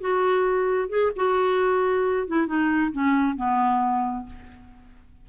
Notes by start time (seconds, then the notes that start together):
0.00 F#4
0.89 G#4
1.16 F#4
2.27 E4
2.46 D#4
2.92 C#4
3.36 B3